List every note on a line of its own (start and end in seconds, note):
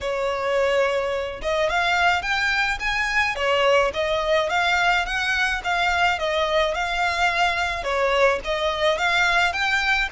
0.01 1.41 C#5
1.42 1.69 D#5
1.69 2.22 F5
2.22 2.78 G5
2.79 3.35 G#5
3.35 3.91 C#5
3.93 4.49 D#5
4.49 5.05 F5
5.05 5.61 F#5
5.64 6.18 F5
6.18 6.74 D#5
6.74 7.83 F5
7.83 8.39 C#5
8.44 8.98 D#5
8.98 9.52 F5
9.52 10.08 G5